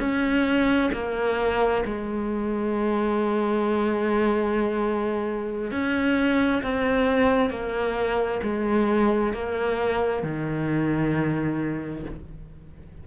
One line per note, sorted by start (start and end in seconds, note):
0.00 0.91 C#4
0.93 1.84 A#3
1.85 5.71 G#3
5.71 6.62 C#4
6.63 7.50 C4
7.50 8.41 A#3
8.43 9.33 G#3
9.33 10.23 A#3
10.23 12.05 D#3